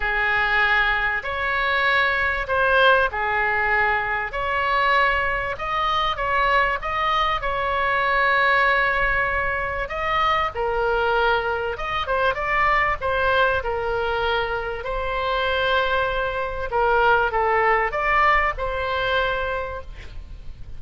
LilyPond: \new Staff \with { instrumentName = "oboe" } { \time 4/4 \tempo 4 = 97 gis'2 cis''2 | c''4 gis'2 cis''4~ | cis''4 dis''4 cis''4 dis''4 | cis''1 |
dis''4 ais'2 dis''8 c''8 | d''4 c''4 ais'2 | c''2. ais'4 | a'4 d''4 c''2 | }